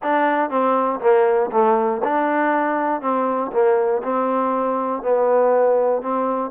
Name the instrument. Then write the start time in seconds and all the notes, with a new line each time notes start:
trombone
0.02 D4
0.50 C4
1.00 A#3
1.51 A3
2.04 D4
3.01 C4
3.52 A#3
4.02 C4
5.02 B3
6.02 C4